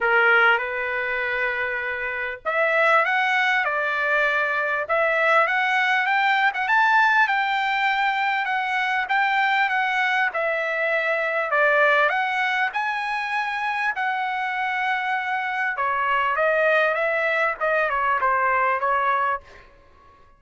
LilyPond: \new Staff \with { instrumentName = "trumpet" } { \time 4/4 \tempo 4 = 99 ais'4 b'2. | e''4 fis''4 d''2 | e''4 fis''4 g''8. fis''16 a''4 | g''2 fis''4 g''4 |
fis''4 e''2 d''4 | fis''4 gis''2 fis''4~ | fis''2 cis''4 dis''4 | e''4 dis''8 cis''8 c''4 cis''4 | }